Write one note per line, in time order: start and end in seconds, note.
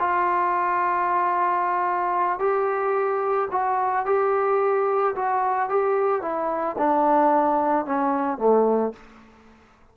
0.00 2.40 F4
2.40 3.49 G4
3.52 4.06 F#4
4.06 5.15 G4
5.16 5.69 F#4
5.69 6.22 G4
6.22 6.76 E4
6.78 7.86 D4
7.86 8.38 C#4
8.38 8.93 A3